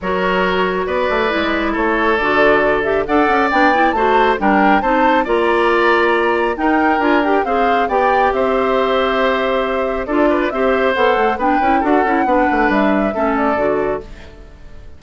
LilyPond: <<
  \new Staff \with { instrumentName = "flute" } { \time 4/4 \tempo 4 = 137 cis''2 d''2 | cis''4 d''4. e''8 fis''4 | g''4 a''4 g''4 a''4 | ais''2. g''4 |
gis''8 g''8 f''4 g''4 e''4~ | e''2. d''4 | e''4 fis''4 g''4 fis''4~ | fis''4 e''4. d''4. | }
  \new Staff \with { instrumentName = "oboe" } { \time 4/4 ais'2 b'2 | a'2. d''4~ | d''4 c''4 ais'4 c''4 | d''2. ais'4~ |
ais'4 c''4 d''4 c''4~ | c''2. a'8 b'8 | c''2 b'4 a'4 | b'2 a'2 | }
  \new Staff \with { instrumentName = "clarinet" } { \time 4/4 fis'2. e'4~ | e'4 fis'4. g'8 a'4 | d'8 e'8 fis'4 d'4 dis'4 | f'2. dis'4 |
f'8 g'8 gis'4 g'2~ | g'2. f'4 | g'4 a'4 d'8 e'8 fis'8 e'8 | d'2 cis'4 fis'4 | }
  \new Staff \with { instrumentName = "bassoon" } { \time 4/4 fis2 b8 a8 gis4 | a4 d2 d'8 cis'8 | b4 a4 g4 c'4 | ais2. dis'4 |
d'4 c'4 b4 c'4~ | c'2. d'4 | c'4 b8 a8 b8 cis'8 d'8 cis'8 | b8 a8 g4 a4 d4 | }
>>